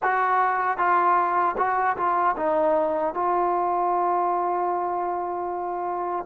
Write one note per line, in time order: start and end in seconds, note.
0.02 0.77 F#4
0.77 1.55 F4
1.57 1.96 F#4
1.96 2.35 F4
2.37 3.13 D#4
3.13 6.25 F4